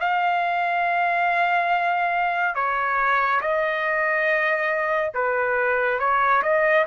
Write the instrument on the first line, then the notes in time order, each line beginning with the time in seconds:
trumpet
0.00 F5
2.55 C#5
3.41 D#5
5.14 B4
6.00 C#5
6.42 D#5